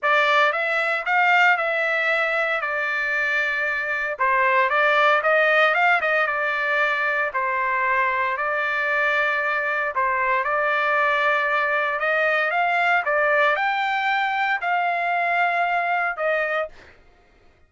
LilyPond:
\new Staff \with { instrumentName = "trumpet" } { \time 4/4 \tempo 4 = 115 d''4 e''4 f''4 e''4~ | e''4 d''2. | c''4 d''4 dis''4 f''8 dis''8 | d''2 c''2 |
d''2. c''4 | d''2. dis''4 | f''4 d''4 g''2 | f''2. dis''4 | }